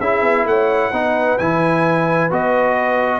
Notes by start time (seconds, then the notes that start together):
0.00 C#4 E4 G#4 E5
0.22 B3
0.45 A3 C#5 F#5
0.90 B3 D#4 B4
1.38 E3 E4 G#5
2.30 B3 F#4 D#5